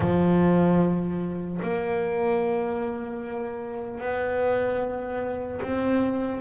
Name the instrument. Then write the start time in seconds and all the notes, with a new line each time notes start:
double bass
0.00 F3
1.62 A#3
4.00 B3
5.62 C4